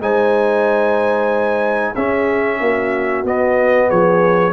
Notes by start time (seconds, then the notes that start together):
0.00 G#3 D#4 C5 G#5
1.94 C#4 G#4 E5
2.60 A#3 F#4
3.24 B3 D#5
3.89 F3 G#4 C#5